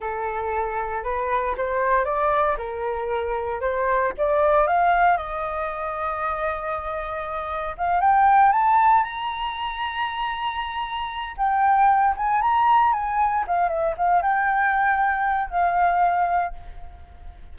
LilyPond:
\new Staff \with { instrumentName = "flute" } { \time 4/4 \tempo 4 = 116 a'2 b'4 c''4 | d''4 ais'2 c''4 | d''4 f''4 dis''2~ | dis''2. f''8 g''8~ |
g''8 a''4 ais''2~ ais''8~ | ais''2 g''4. gis''8 | ais''4 gis''4 f''8 e''8 f''8 g''8~ | g''2 f''2 | }